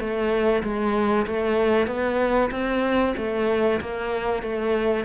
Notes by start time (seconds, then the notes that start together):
0.00 A3
0.64 G#3
1.27 A3
1.87 B3
2.51 C4
3.18 A3
3.81 A#3
4.43 A3